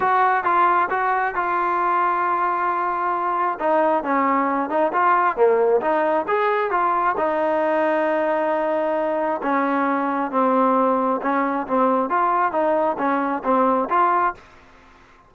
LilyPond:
\new Staff \with { instrumentName = "trombone" } { \time 4/4 \tempo 4 = 134 fis'4 f'4 fis'4 f'4~ | f'1 | dis'4 cis'4. dis'8 f'4 | ais4 dis'4 gis'4 f'4 |
dis'1~ | dis'4 cis'2 c'4~ | c'4 cis'4 c'4 f'4 | dis'4 cis'4 c'4 f'4 | }